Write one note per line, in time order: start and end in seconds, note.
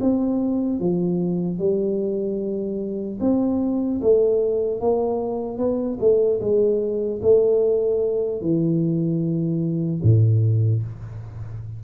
0.00 0.79 C4
0.79 1.59 F3
1.59 3.19 G3
3.20 4.00 C4
4.01 4.80 A3
4.80 5.57 A#3
5.57 5.97 B3
6.00 6.40 A3
6.40 7.20 G#3
7.21 8.41 A3
8.41 10.01 E3
10.02 10.82 A2